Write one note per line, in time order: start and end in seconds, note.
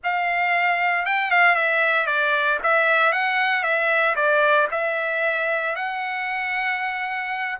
0.03 1.05 F5
1.05 1.30 G5
1.30 1.55 F5
1.55 2.06 E5
2.06 2.58 D5
2.63 3.12 E5
3.12 3.63 F#5
3.63 4.15 E5
4.15 4.67 D5
4.71 5.75 E5
5.75 7.58 F#5